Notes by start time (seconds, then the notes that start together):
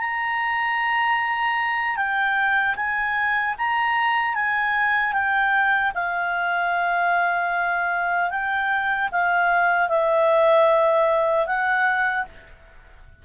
0.00 A#5
1.97 G5
2.76 G#5
3.58 A#5
4.35 G#5
5.13 G5
5.95 F5
8.31 G5
9.12 F5
9.89 E5
11.47 F#5